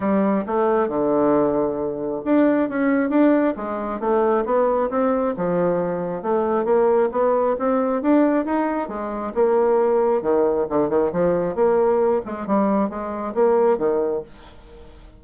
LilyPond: \new Staff \with { instrumentName = "bassoon" } { \time 4/4 \tempo 4 = 135 g4 a4 d2~ | d4 d'4 cis'4 d'4 | gis4 a4 b4 c'4 | f2 a4 ais4 |
b4 c'4 d'4 dis'4 | gis4 ais2 dis4 | d8 dis8 f4 ais4. gis8 | g4 gis4 ais4 dis4 | }